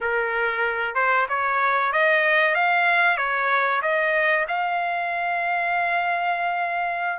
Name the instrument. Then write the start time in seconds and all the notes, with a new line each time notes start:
trumpet
0.00 A#4
0.94 C5
1.29 C#5
1.92 D#5
2.54 F5
3.17 C#5
3.82 D#5
4.48 F5